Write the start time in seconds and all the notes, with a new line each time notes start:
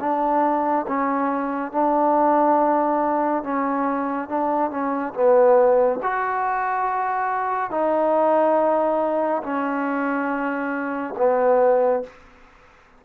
0.00 D4
0.87 C#4
1.71 D4
3.43 C#4
4.28 D4
4.70 C#4
5.14 B3
6.02 F#4
7.70 D#4
9.43 C#4
11.17 B3